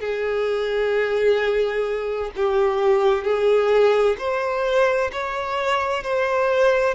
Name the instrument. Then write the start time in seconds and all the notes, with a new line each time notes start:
violin
0.00 G#4
2.36 G4
3.24 G#4
4.18 C5
5.12 C#5
6.03 C5